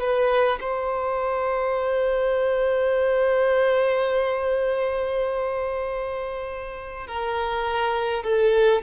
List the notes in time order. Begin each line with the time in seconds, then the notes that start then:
0.00 B4
0.60 C5
7.07 A#4
8.23 A4